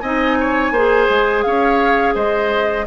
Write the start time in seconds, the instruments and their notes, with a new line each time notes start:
0.00 bassoon C4, clarinet D#4, oboe D#5, flute G#5
0.40 oboe C#5
0.71 bassoon A#3, clarinet G#4, oboe C5
1.10 bassoon G#3
1.43 bassoon C#4, oboe C#5, flute F5
2.14 bassoon G#3, oboe C5, flute D#5